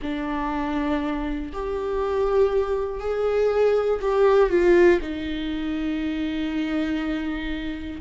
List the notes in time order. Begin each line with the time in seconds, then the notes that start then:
0.02 D4
1.52 G4
3.00 G#4
4.00 G4
4.49 F4
5.00 D#4